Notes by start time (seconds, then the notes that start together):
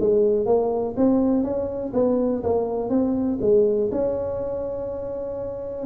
0.00 G#3
0.46 A#3
0.97 C4
1.43 C#4
1.93 B3
2.43 A#3
2.89 C4
3.41 G#3
3.92 C#4